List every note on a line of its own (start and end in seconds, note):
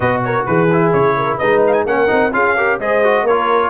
0.00 0.44 B2
0.00 0.68 F#4
0.00 0.23 B4
0.00 0.22 D#5
0.24 0.47 A#4
0.24 0.45 C#5
0.45 0.93 E3
0.45 1.17 G#4
0.45 0.92 B4
0.72 1.42 E4
0.92 1.39 C#3
0.92 1.37 C#5
1.17 1.38 A#4
1.37 1.85 G#3
1.37 1.87 D#4
1.37 1.84 B4
1.37 1.61 D#5
1.67 1.72 F5
1.67 1.84 G#5
1.85 2.09 A#3
1.85 2.07 C#4
1.85 2.34 A#4
1.85 2.33 F#5
2.07 2.32 C4
2.07 2.31 D#4
2.32 2.79 C#4
2.32 2.55 F4
2.32 2.56 G#4
2.32 2.79 F5
2.56 2.80 G4
2.56 2.79 A#4
2.79 3.22 G#3
2.79 3.04 G#4
2.79 3.24 C5
2.79 3.26 D#5
3.04 3.27 F#4
3.22 3.69 A#3
3.22 3.70 A#4
3.22 3.70 C#5
3.29 3.70 F4